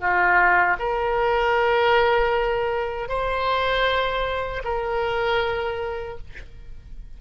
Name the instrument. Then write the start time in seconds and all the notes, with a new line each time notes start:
oboe
0.00 F4
0.79 A#4
3.09 C5
4.64 A#4